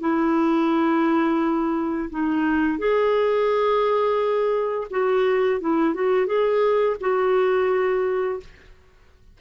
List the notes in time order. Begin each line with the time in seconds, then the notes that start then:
0.00 E4
2.10 D#4
2.78 G#4
4.90 F#4
5.60 E4
5.94 F#4
6.26 G#4
7.00 F#4